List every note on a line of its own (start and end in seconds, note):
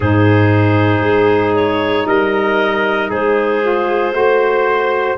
0.00 0.99 G#2
0.00 3.61 D#4
0.00 2.05 G#4
0.00 1.55 C5
0.99 2.03 G#3
1.55 2.06 C#5
2.06 3.10 G3
2.06 3.09 A#4
2.06 3.09 D#5
3.09 4.12 G#3
3.09 4.13 G#4
3.09 5.17 C5
3.61 4.12 F4
4.12 5.16 A3
4.12 5.15 F#4
4.12 5.17 C5